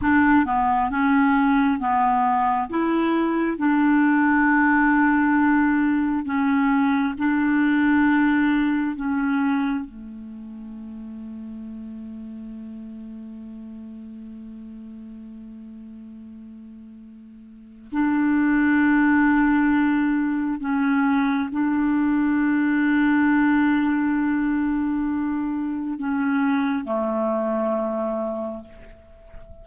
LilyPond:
\new Staff \with { instrumentName = "clarinet" } { \time 4/4 \tempo 4 = 67 d'8 b8 cis'4 b4 e'4 | d'2. cis'4 | d'2 cis'4 a4~ | a1~ |
a1 | d'2. cis'4 | d'1~ | d'4 cis'4 a2 | }